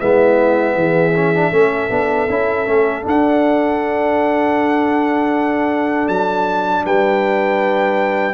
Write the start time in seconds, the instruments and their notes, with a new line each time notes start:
0.00 tuba G#3, trombone B3, horn E4, trumpet E5
0.75 tuba E3, horn G#4
1.16 trombone C#4
1.35 trombone D4
1.52 tuba A3, trombone C#4, horn A4
1.90 tuba B3, trombone D4
2.30 tuba C#4, trombone E4
2.66 tuba A3, trombone C#4
3.03 trombone D4, tuba D4, trumpet F#5
6.09 tuba F#3, trumpet A5
6.85 tuba G3, horn B4, trumpet G5